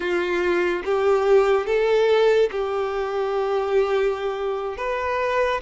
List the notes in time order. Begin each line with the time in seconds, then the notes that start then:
0.00 F4
0.84 G4
1.66 A4
2.51 G4
4.77 B4